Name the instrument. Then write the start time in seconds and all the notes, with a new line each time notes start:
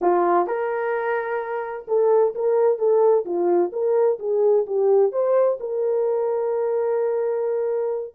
horn
0.01 F4
0.46 A#4
1.87 A4
2.34 A#4
2.78 A4
3.25 F4
3.72 A#4
4.19 G#4
4.66 G4
5.11 C5
5.60 A#4